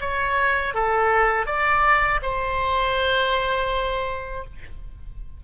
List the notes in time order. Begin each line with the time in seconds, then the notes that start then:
0.00 C#5
0.74 A4
1.46 D5
2.22 C5